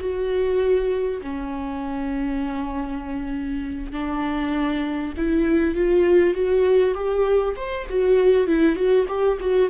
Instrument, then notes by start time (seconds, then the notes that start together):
viola
0.00 F#4
1.22 C#4
3.92 D4
5.17 E4
5.75 F4
6.34 F#4
6.95 G4
7.56 C5
7.90 F#4
8.47 E4
8.76 F#4
9.08 G4
9.40 F#4